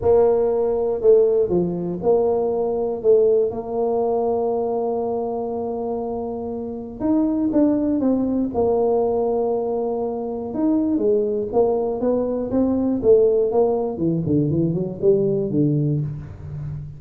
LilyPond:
\new Staff \with { instrumentName = "tuba" } { \time 4/4 \tempo 4 = 120 ais2 a4 f4 | ais2 a4 ais4~ | ais1~ | ais2 dis'4 d'4 |
c'4 ais2.~ | ais4 dis'4 gis4 ais4 | b4 c'4 a4 ais4 | e8 d8 e8 fis8 g4 d4 | }